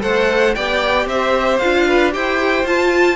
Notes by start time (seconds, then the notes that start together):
0.00 A3 A4 C5 F#5
0.55 B3 G4 D5 G5
1.06 C4 C5 E5
1.59 D4 F4 F5
1.87 B4
2.12 E4 G4 C5 G5
2.64 F4 A5